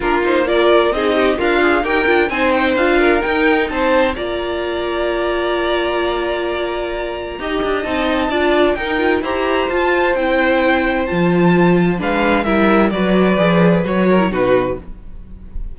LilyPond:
<<
  \new Staff \with { instrumentName = "violin" } { \time 4/4 \tempo 4 = 130 ais'8 c''8 d''4 dis''4 f''4 | g''4 gis''8 g''8 f''4 g''4 | a''4 ais''2.~ | ais''1~ |
ais''4 a''2 g''4 | ais''4 a''4 g''2 | a''2 f''4 e''4 | d''2 cis''4 b'4 | }
  \new Staff \with { instrumentName = "violin" } { \time 4/4 f'4 ais'4 gis'8 g'8 f'4 | ais'4 c''4. ais'4. | c''4 d''2.~ | d''1 |
dis''2 d''4 ais'4 | c''1~ | c''2 b'4 ais'4 | b'2~ b'8 ais'8 fis'4 | }
  \new Staff \with { instrumentName = "viola" } { \time 4/4 d'8 dis'8 f'4 dis'4 ais'8 gis'8 | g'8 f'8 dis'4 f'4 dis'4~ | dis'4 f'2.~ | f'1 |
g'4 dis'4 f'4 dis'8 f'8 | g'4 f'4 e'2 | f'2 d'4 e'4 | fis'4 gis'4 fis'8. e'16 dis'4 | }
  \new Staff \with { instrumentName = "cello" } { \time 4/4 ais2 c'4 d'4 | dis'8 d'8 c'4 d'4 dis'4 | c'4 ais2.~ | ais1 |
dis'8 d'8 c'4 d'4 dis'4 | e'4 f'4 c'2 | f2 gis4 g4 | fis4 f4 fis4 b,4 | }
>>